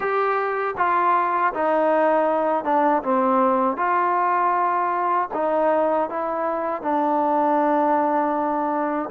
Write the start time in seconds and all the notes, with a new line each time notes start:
0.00 G4
0.77 F4
1.53 D#4
2.64 D4
3.02 C4
3.76 F4
5.33 D#4
6.09 E4
6.81 D4